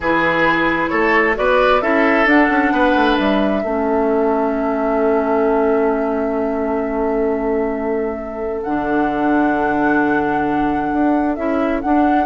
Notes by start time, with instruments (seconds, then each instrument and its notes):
0.00 bassoon E3, clarinet E4, oboe G#4, flute B4
0.88 bassoon A3, oboe A4, flute C#5
1.34 bassoon B3, clarinet F#4, oboe B4, flute D5
1.81 bassoon C#4, clarinet E4, oboe A4, flute E5
2.25 bassoon D4, clarinet D4, flute F#5
2.49 bassoon C#4
2.71 bassoon B3, oboe B4
2.95 bassoon A3
3.16 bassoon G3, flute E5
3.63 bassoon A3, clarinet C#4, oboe A4
8.62 bassoon D3, clarinet D4, flute F#5
10.92 bassoon D4
11.35 bassoon C#4, clarinet E4, flute E5
11.81 clarinet D4, bassoon D4, flute F#5